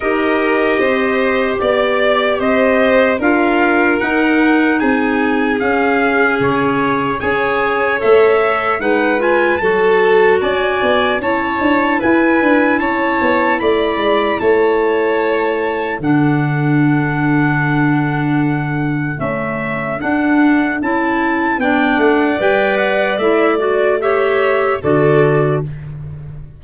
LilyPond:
<<
  \new Staff \with { instrumentName = "trumpet" } { \time 4/4 \tempo 4 = 75 dis''2 d''4 dis''4 | f''4 fis''4 gis''4 f''4 | cis''4 gis''4 e''4 fis''8 gis''8 | a''4 gis''4 a''4 gis''4 |
a''4 b''4 a''2 | fis''1 | e''4 fis''4 a''4 g''8 fis''8 | g''8 fis''8 e''8 d''8 e''4 d''4 | }
  \new Staff \with { instrumentName = "violin" } { \time 4/4 ais'4 c''4 d''4 c''4 | ais'2 gis'2~ | gis'4 cis''2 b'4 | a'4 d''4 cis''4 b'4 |
cis''4 d''4 cis''2 | a'1~ | a'2. d''4~ | d''2 cis''4 a'4 | }
  \new Staff \with { instrumentName = "clarinet" } { \time 4/4 g'1 | f'4 dis'2 cis'4~ | cis'4 gis'4 a'4 dis'8 f'8 | fis'2 e'2~ |
e'1 | d'1 | a4 d'4 e'4 d'4 | b'4 e'8 fis'8 g'4 fis'4 | }
  \new Staff \with { instrumentName = "tuba" } { \time 4/4 dis'4 c'4 b4 c'4 | d'4 dis'4 c'4 cis'4 | cis4 cis'4 a4 gis4 | fis4 cis'8 b8 cis'8 d'8 e'8 d'8 |
cis'8 b8 a8 gis8 a2 | d1 | cis'4 d'4 cis'4 b8 a8 | g4 a2 d4 | }
>>